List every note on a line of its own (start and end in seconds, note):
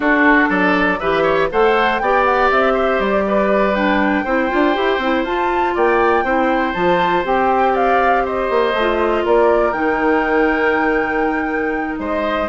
0.00 0.47 D4
0.00 0.99 D4
0.00 0.49 F#4
0.00 0.49 A4
0.49 0.99 F#3
0.49 0.99 A4
0.49 0.99 D5
0.99 1.50 E3
0.99 1.50 G4
0.99 1.22 B4
0.99 1.49 E5
1.22 1.47 C#5
1.50 2.00 A3
1.50 2.00 A4
1.50 2.02 C5
1.50 1.99 F#5
1.99 2.50 B3
1.99 3.75 G4
1.99 2.73 D5
1.99 2.24 G5
2.24 2.49 F#5
2.50 2.99 C4
2.50 2.99 E5
2.73 3.23 C5
2.99 4.24 G3
2.99 3.74 D5
3.27 4.24 B4
3.74 4.25 D4
3.74 5.24 G5
4.24 4.49 C4
4.24 4.49 E4
4.24 5.74 C5
4.49 4.76 D4
4.49 4.74 F4
4.74 4.98 E4
4.74 4.99 G4
4.98 5.23 C4
4.98 5.26 E4
5.23 5.73 F4
5.23 6.25 F4
5.23 5.75 A5
5.75 6.23 A#3
5.75 6.24 D5
5.75 6.73 G5
6.23 6.73 C4
6.23 6.74 E4
6.23 7.72 C5
6.73 7.23 F3
6.73 7.23 F4
6.73 7.23 A5
7.23 8.48 C4
7.23 8.73 G4
7.23 7.75 G5
7.72 8.22 D5
7.72 8.25 F5
8.25 9.24 C5
8.25 9.26 D#5
8.50 8.73 A#3
8.73 9.23 A3
8.79 9.72 F4
9.24 9.73 A#3
9.24 11.99 A#4
9.24 9.72 D5
9.72 11.98 D#3
9.72 12.47 D#4
9.72 11.97 G5
11.98 12.48 G#3
11.98 12.49 C5
11.98 12.48 D#5